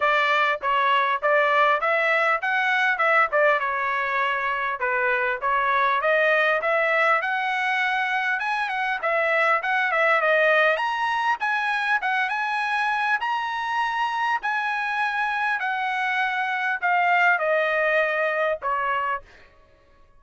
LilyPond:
\new Staff \with { instrumentName = "trumpet" } { \time 4/4 \tempo 4 = 100 d''4 cis''4 d''4 e''4 | fis''4 e''8 d''8 cis''2 | b'4 cis''4 dis''4 e''4 | fis''2 gis''8 fis''8 e''4 |
fis''8 e''8 dis''4 ais''4 gis''4 | fis''8 gis''4. ais''2 | gis''2 fis''2 | f''4 dis''2 cis''4 | }